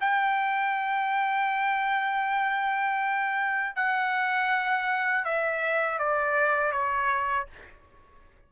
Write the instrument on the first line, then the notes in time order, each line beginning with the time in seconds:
trumpet
0.00 G5
3.75 F#5
5.25 E5
5.98 D5
6.71 C#5